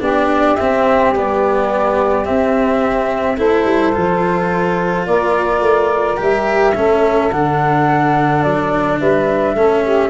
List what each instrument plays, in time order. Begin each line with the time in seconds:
0.00 tuba B3, cello D4, saxophone G4, flute D5
0.56 cello C4, tuba C4, flute E5
1.12 tuba G3, cello B3, flute D5
2.25 cello C4, tuba C4, flute E5
3.38 tuba A3, cello E4, saxophone A4, flute C5
3.65 tuba G3
3.93 tuba F3, cello F4
5.07 tuba A#3, saxophone A#4, flute D5
5.61 tuba A3
6.18 tuba G3, cello G4, flute E5
6.75 tuba A3, cello C#4, saxophone A4
7.32 tuba D3, cello D4, flute F#5
8.43 tuba F#3, flute D5
9.00 tuba G3, saxophone B4, flute E5
9.55 tuba A3, cello C#4, saxophone A4
9.84 saxophone G4